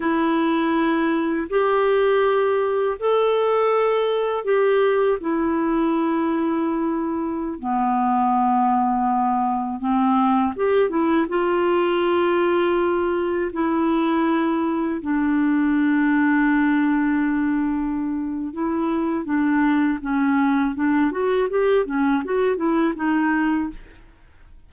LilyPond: \new Staff \with { instrumentName = "clarinet" } { \time 4/4 \tempo 4 = 81 e'2 g'2 | a'2 g'4 e'4~ | e'2~ e'16 b4.~ b16~ | b4~ b16 c'4 g'8 e'8 f'8.~ |
f'2~ f'16 e'4.~ e'16~ | e'16 d'2.~ d'8.~ | d'4 e'4 d'4 cis'4 | d'8 fis'8 g'8 cis'8 fis'8 e'8 dis'4 | }